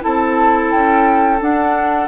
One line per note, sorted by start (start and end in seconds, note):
0.00 0.73 C4
0.00 1.38 E4
0.00 2.08 A4
0.00 0.71 A5
0.71 1.40 C#4
0.71 1.40 G5
1.40 2.08 D4
1.40 2.08 F#5